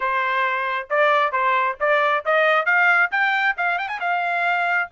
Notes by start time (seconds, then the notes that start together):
0.00 C5
0.90 D5
1.32 C5
1.80 D5
2.25 D#5
2.65 F5
3.11 G5
3.57 F5
3.78 G5
3.88 G#5
4.00 F5